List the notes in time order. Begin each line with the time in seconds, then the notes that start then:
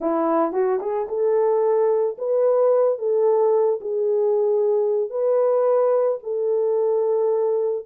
0.00 E4
0.52 F#4
0.80 G#4
1.08 A4
2.17 B4
2.98 A4
3.80 G#4
5.10 B4
6.23 A4